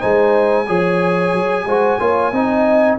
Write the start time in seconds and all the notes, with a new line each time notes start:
0.00 G#3 D#4 C5 G#5
0.67 F3 G#4 C#5
1.34 F#3
1.65 G#3 F#4 C5
1.99 A#3 F4 C#5
2.32 C4 D#4 D#5